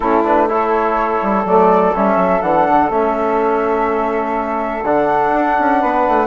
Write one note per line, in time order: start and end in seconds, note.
0.00 1.19 A3
0.00 0.24 C#4
0.00 0.48 E4
0.00 0.24 A4
0.24 0.48 D4
0.24 0.49 B4
0.48 1.45 E4
0.48 5.79 A4
0.48 1.46 C#5
1.22 1.45 G3
1.45 1.93 F#3
1.45 1.94 A3
1.45 1.95 D5
1.95 2.16 G3
1.95 2.42 C#4
1.95 2.41 E5
2.16 2.40 F#3
2.41 2.66 E3
2.41 2.90 D4
2.41 2.90 F#5
2.68 2.89 D3
2.89 4.83 A3
2.89 4.83 C#4
2.89 4.84 E5
4.83 5.31 D3
4.83 6.27 D4
4.83 6.27 F#5
5.33 5.57 D4
5.59 5.83 C#4
5.79 6.07 B3
5.79 6.27 B4
6.08 6.27 A3